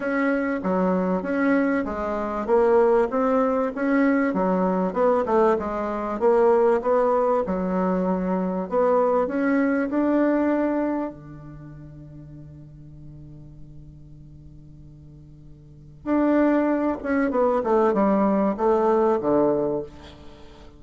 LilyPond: \new Staff \with { instrumentName = "bassoon" } { \time 4/4 \tempo 4 = 97 cis'4 fis4 cis'4 gis4 | ais4 c'4 cis'4 fis4 | b8 a8 gis4 ais4 b4 | fis2 b4 cis'4 |
d'2 d2~ | d1~ | d2 d'4. cis'8 | b8 a8 g4 a4 d4 | }